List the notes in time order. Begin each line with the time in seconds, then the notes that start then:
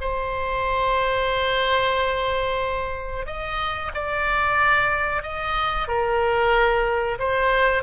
0.00 C5
3.26 D#5
3.94 D5
5.22 D#5
5.88 A#4
7.19 C5